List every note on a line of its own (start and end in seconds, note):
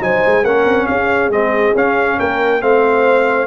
0.00 0.22 F#3
0.00 0.43 D#4
0.00 0.44 C5
0.00 0.45 G#5
0.26 0.44 G#3
0.44 0.65 A#3
0.44 1.31 C#4
0.44 0.87 A#4
0.44 0.87 F#5
0.65 0.87 C4
0.87 1.29 C#4
0.87 2.18 G#4
0.87 1.30 F5
1.29 1.73 G#3
1.29 1.75 C4
1.29 1.75 D#5
1.75 2.19 C#4
1.75 2.61 C#4
1.75 2.19 F5
2.18 2.62 A#3
2.18 2.62 A#4
2.18 2.62 G5
2.61 3.47 A3
2.61 3.47 C4
2.61 3.47 C5
2.61 3.47 F5